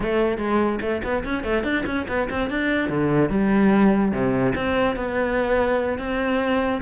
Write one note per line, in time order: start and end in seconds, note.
0.00 0.37 A3
0.37 0.79 G#3
0.81 1.02 A3
1.03 1.24 B3
1.24 1.43 C#4
1.43 1.63 A3
1.63 1.84 D4
1.86 2.06 C#4
2.08 2.28 B3
2.30 2.50 C4
2.50 2.89 D4
2.89 3.29 D3
3.29 4.12 G3
4.12 4.53 C3
4.55 4.96 C4
4.96 5.98 B3
5.98 6.81 C4